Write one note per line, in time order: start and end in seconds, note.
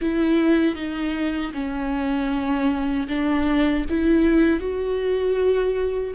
0.01 0.75 E4
0.75 1.52 D#4
1.53 3.07 C#4
3.08 3.85 D4
3.89 4.60 E4
4.60 6.14 F#4